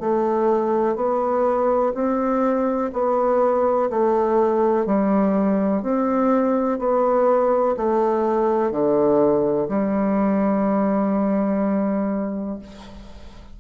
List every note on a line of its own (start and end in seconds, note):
0.00 0.95 A3
0.95 1.92 B3
1.94 2.91 C4
2.93 3.90 B3
3.90 4.86 A3
4.86 5.83 G3
5.83 6.79 C4
6.79 7.76 B3
7.77 8.71 A3
8.71 9.68 D3
9.69 12.59 G3